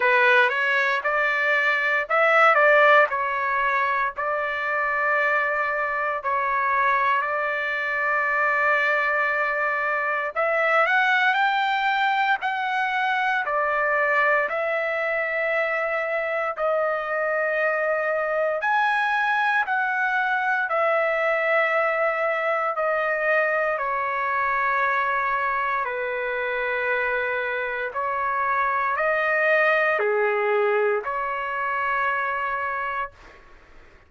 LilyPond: \new Staff \with { instrumentName = "trumpet" } { \time 4/4 \tempo 4 = 58 b'8 cis''8 d''4 e''8 d''8 cis''4 | d''2 cis''4 d''4~ | d''2 e''8 fis''8 g''4 | fis''4 d''4 e''2 |
dis''2 gis''4 fis''4 | e''2 dis''4 cis''4~ | cis''4 b'2 cis''4 | dis''4 gis'4 cis''2 | }